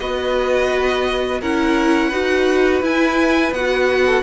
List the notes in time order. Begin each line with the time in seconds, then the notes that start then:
0.00 B3 F#4 B4 D#5
1.40 C#4 E4 A#4 F#5
2.09 D#4 F#4 B4
2.82 E4 G#5
3.52 B3 F#4 F#5
4.06 A4